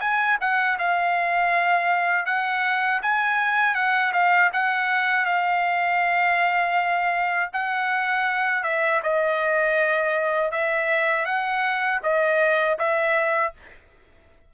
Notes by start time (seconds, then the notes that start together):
0.00 G#5
0.41 F#5
0.78 F5
2.26 F#5
3.02 G#5
3.75 F#5
4.13 F5
4.53 F#5
5.25 F5
7.53 F#5
8.64 E5
9.03 D#5
10.51 E5
11.25 F#5
12.03 D#5
12.78 E5